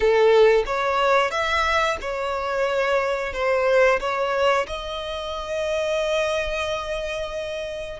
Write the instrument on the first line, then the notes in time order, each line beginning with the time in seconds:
violin
0.00 A4
0.65 C#5
1.30 E5
2.01 C#5
3.33 C5
3.99 C#5
4.67 D#5